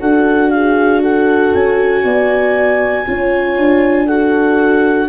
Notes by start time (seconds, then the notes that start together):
0.00 D4 F#4 A4 F#5
0.50 G#4 F5
1.02 A4 F#5
1.54 C#4 G#5
2.04 B3 D5
3.06 C#4 F4 C#5
3.57 D4
4.06 F#4 A4 F#5